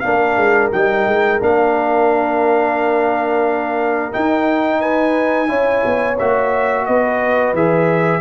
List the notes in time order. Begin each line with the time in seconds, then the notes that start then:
0.00 A#3 D4 F5
0.07 A#4
0.37 G#3
0.72 G3 D#4 G5
1.07 G#3
1.40 A#3 D4 F5
4.12 D#4 G5
4.80 B4 G#5
5.47 C#4 E4 C#5
5.85 B3
6.18 A#3 F#4 E5
6.86 B3 B4 D#5
7.53 E3 G#4 E5